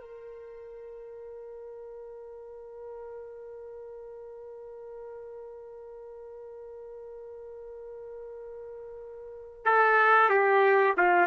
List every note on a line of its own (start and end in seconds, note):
0.00 9.65 A#4
9.65 10.29 A4
10.29 10.94 G4
10.97 11.27 F4